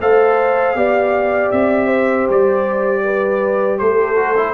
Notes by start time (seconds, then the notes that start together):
0.00 A3 A4 C5 F5
0.75 B3 G4 D5
1.52 C4 E5
1.87 C5
2.30 G3 D5
3.05 B4
3.79 A3 A4 C5
4.16 F#4
4.37 E4